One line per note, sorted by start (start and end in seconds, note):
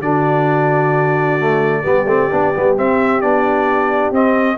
0.00 1.83 D3
0.00 1.40 D4
0.00 1.82 F#4
0.00 2.76 D5
1.40 1.84 A3
1.82 2.06 G3
1.82 2.07 B3
1.82 4.57 G4
2.06 2.29 A3
2.06 2.31 C4
2.32 2.55 B3
2.32 2.55 D4
2.55 2.78 G3
2.55 2.77 B3
2.77 3.22 C4
2.77 3.23 C4
2.77 3.21 E5
3.21 4.11 B3
3.21 4.14 D4
3.21 4.13 D5
4.11 4.57 C4
4.11 4.58 C4
4.11 4.58 D#5